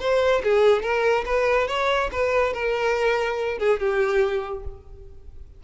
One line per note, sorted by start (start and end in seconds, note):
0.00 0.42 C5
0.44 0.83 G#4
0.83 1.25 A#4
1.26 1.68 B4
1.68 2.10 C#5
2.12 2.54 B4
2.54 3.59 A#4
3.59 3.80 G#4
3.80 4.64 G4